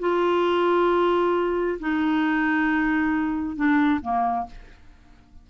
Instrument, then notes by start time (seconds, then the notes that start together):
clarinet
0.00 F4
1.80 D#4
3.56 D4
4.02 A#3